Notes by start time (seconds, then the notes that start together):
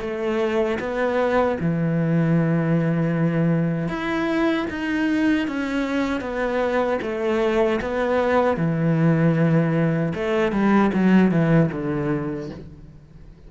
0.00 A3
0.79 B3
1.60 E3
3.88 E4
4.70 D#4
5.47 C#4
6.21 B3
7.02 A3
7.81 B3
8.56 E3
10.14 A3
10.52 G3
10.93 F#3
11.31 E3
11.72 D3